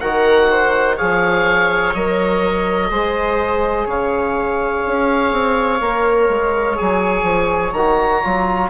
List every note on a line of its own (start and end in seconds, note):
0.00 0.99 D#3
0.00 0.99 F#4
0.00 0.50 A#4
0.00 0.97 F#5
0.51 0.97 C5
0.97 1.95 F3
0.97 1.95 G#4
0.97 2.90 C#5
0.97 1.94 F5
1.94 2.91 F#3
1.94 2.91 A#4
1.94 3.88 D#5
2.90 3.87 G#3
2.90 5.81 G#4
2.90 3.87 C5
3.87 4.84 C#3
3.87 8.71 C#5
3.87 6.78 F5
4.86 5.33 C#4
5.33 5.81 C4
5.81 6.29 A#3
5.81 6.76 A#4
6.29 6.78 G#3
6.76 7.23 F#3
6.76 7.73 G#4
6.76 7.74 G#5
7.23 7.72 F3
7.73 8.22 D#3
7.73 8.24 F#4
7.73 8.71 A#5
8.24 8.71 F#3
8.24 8.71 F4